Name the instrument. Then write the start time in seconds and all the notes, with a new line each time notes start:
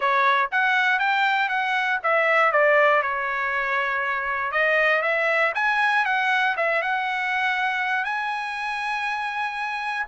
trumpet
0.00 C#5
0.51 F#5
0.99 G5
1.48 F#5
2.03 E5
2.51 D5
3.02 C#5
4.51 D#5
5.02 E5
5.54 G#5
6.05 F#5
6.57 E5
6.81 F#5
8.04 G#5